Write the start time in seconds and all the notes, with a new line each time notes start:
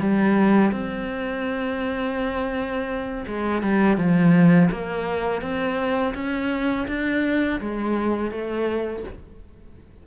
0.00 G3
0.71 C4
3.27 G#3
3.62 G3
3.97 F3
4.71 A#3
5.42 C4
6.14 C#4
6.87 D4
7.60 G#3
8.31 A3